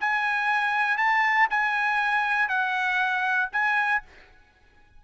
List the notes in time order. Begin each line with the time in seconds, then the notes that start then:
0.00 G#5
0.97 A5
1.50 G#5
2.49 F#5
3.52 G#5